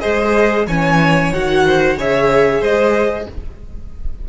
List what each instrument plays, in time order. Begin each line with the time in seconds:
0.00 cello G#3, viola G#4, violin C5 D#5
0.67 cello E3, viola C#4, violin C#5 G#5
1.33 cello D#3, viola F#4, violin F#5
1.67 violin C5
1.98 cello C#3, viola G#4, violin C#5 E5
2.61 cello G#3, violin C5 D#5